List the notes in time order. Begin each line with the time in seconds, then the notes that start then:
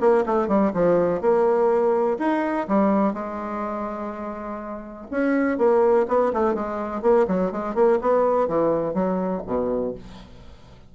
0.00 A#3
0.26 A3
0.48 G3
0.73 F3
1.21 A#3
2.19 D#4
2.68 G3
3.13 G#3
5.10 C#4
5.58 A#3
6.08 B3
6.33 A3
6.54 G#3
7.02 A#3
7.27 F#3
7.51 G#3
7.75 A#3
8.01 B3
8.48 E3
8.94 F#3
9.46 B2